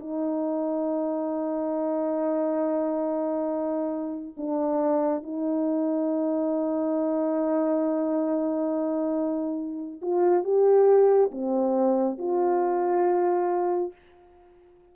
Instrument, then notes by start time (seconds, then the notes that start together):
horn
0.00 D#4
4.37 D4
5.23 D#4
10.02 F4
10.44 G4
11.31 C4
12.18 F4